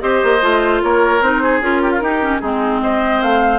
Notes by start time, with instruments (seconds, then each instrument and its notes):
0.00 bassoon C4, clarinet G4, oboe C5, flute D#5
0.23 bassoon A#3
0.41 bassoon A3, clarinet F4
0.83 bassoon A#3, oboe A#4, flute C#5
1.21 bassoon C4, clarinet D#4, flute C5
1.42 oboe G#4
1.61 bassoon C#4, clarinet F4, flute A#4
1.82 oboe G4
1.91 oboe F4
2.01 bassoon D#4, clarinet D#4, oboe G4
2.21 clarinet C#4
2.40 bassoon G#3, clarinet C4, oboe D#4, flute G#4
2.82 oboe C5, flute D#5
3.22 bassoon A3, flute F5